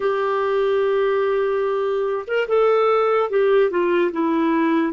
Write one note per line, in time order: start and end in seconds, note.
0.00 2.25 G4
2.27 2.47 A#4
2.47 3.30 A4
3.30 3.70 G4
3.70 4.11 F4
4.12 4.93 E4